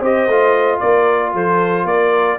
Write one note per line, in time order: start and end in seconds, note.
0.00 0.27 C4
0.00 0.29 G4
0.00 0.79 C5
0.00 0.80 D#5
0.27 0.80 A3
0.27 2.39 F4
0.79 1.34 A#3
0.79 1.32 A#4
0.79 1.32 D5
1.33 1.84 F3
1.33 1.86 A4
1.33 1.87 C5
1.84 2.37 A#3
1.84 2.39 A#4
1.84 2.39 D5